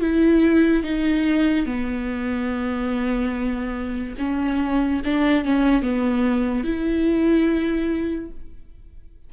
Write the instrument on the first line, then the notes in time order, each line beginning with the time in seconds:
viola
0.00 E4
0.83 D#4
1.66 B3
4.18 C#4
5.05 D4
5.44 C#4
5.82 B3
6.64 E4